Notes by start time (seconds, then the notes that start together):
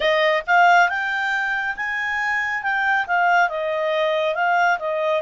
0.00 D#5
0.46 F5
0.89 G5
1.76 G#5
2.62 G5
3.07 F5
3.49 D#5
4.34 F5
4.79 D#5